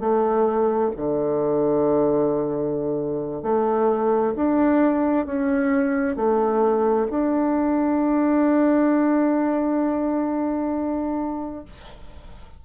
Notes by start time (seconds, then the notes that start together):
0.00 A3
0.96 D3
3.43 A3
4.36 D4
5.26 C#4
6.16 A3
7.10 D4